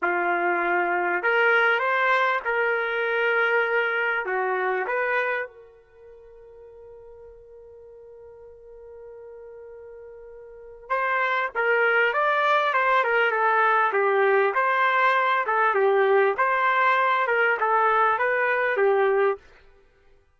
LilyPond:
\new Staff \with { instrumentName = "trumpet" } { \time 4/4 \tempo 4 = 99 f'2 ais'4 c''4 | ais'2. fis'4 | b'4 ais'2.~ | ais'1~ |
ais'2 c''4 ais'4 | d''4 c''8 ais'8 a'4 g'4 | c''4. a'8 g'4 c''4~ | c''8 ais'8 a'4 b'4 g'4 | }